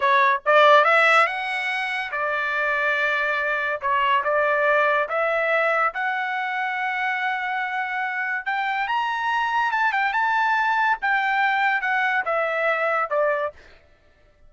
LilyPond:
\new Staff \with { instrumentName = "trumpet" } { \time 4/4 \tempo 4 = 142 cis''4 d''4 e''4 fis''4~ | fis''4 d''2.~ | d''4 cis''4 d''2 | e''2 fis''2~ |
fis''1 | g''4 ais''2 a''8 g''8 | a''2 g''2 | fis''4 e''2 d''4 | }